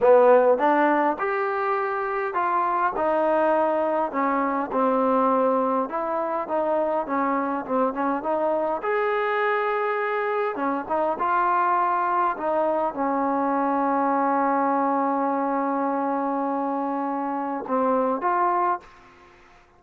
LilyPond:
\new Staff \with { instrumentName = "trombone" } { \time 4/4 \tempo 4 = 102 b4 d'4 g'2 | f'4 dis'2 cis'4 | c'2 e'4 dis'4 | cis'4 c'8 cis'8 dis'4 gis'4~ |
gis'2 cis'8 dis'8 f'4~ | f'4 dis'4 cis'2~ | cis'1~ | cis'2 c'4 f'4 | }